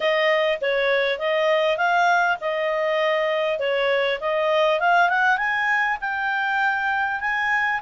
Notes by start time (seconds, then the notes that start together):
0.00 D#5
0.61 C#5
1.18 D#5
1.77 F5
2.40 D#5
3.59 C#5
4.20 D#5
4.80 F5
5.09 F#5
5.37 G#5
6.01 G5
7.20 G#5